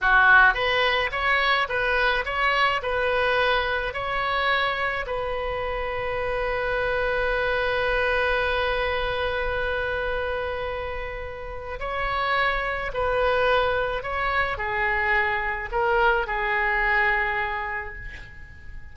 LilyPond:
\new Staff \with { instrumentName = "oboe" } { \time 4/4 \tempo 4 = 107 fis'4 b'4 cis''4 b'4 | cis''4 b'2 cis''4~ | cis''4 b'2.~ | b'1~ |
b'1~ | b'4 cis''2 b'4~ | b'4 cis''4 gis'2 | ais'4 gis'2. | }